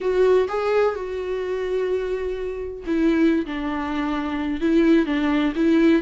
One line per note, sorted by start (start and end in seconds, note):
0.00 0.48 F#4
0.48 0.95 G#4
0.95 2.84 F#4
2.86 3.45 E4
3.46 4.60 D4
4.60 5.06 E4
5.06 5.53 D4
5.55 6.02 E4